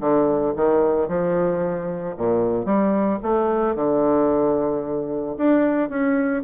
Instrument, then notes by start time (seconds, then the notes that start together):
bassoon
0.00 D3
0.56 D#3
1.08 F3
2.17 A#2
2.65 G3
3.23 A3
3.75 D3
5.37 D4
5.89 C#4